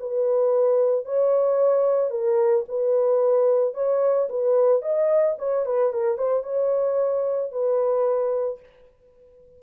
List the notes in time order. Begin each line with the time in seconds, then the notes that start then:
0.00 B4
1.05 C#5
2.11 A#4
2.69 B4
3.74 C#5
4.30 B4
4.82 D#5
5.39 C#5
5.66 B4
5.93 A#4
6.18 C5
6.43 C#5
7.52 B4